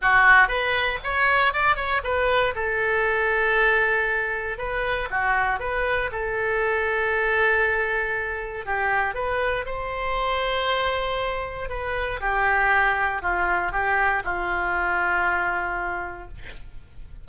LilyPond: \new Staff \with { instrumentName = "oboe" } { \time 4/4 \tempo 4 = 118 fis'4 b'4 cis''4 d''8 cis''8 | b'4 a'2.~ | a'4 b'4 fis'4 b'4 | a'1~ |
a'4 g'4 b'4 c''4~ | c''2. b'4 | g'2 f'4 g'4 | f'1 | }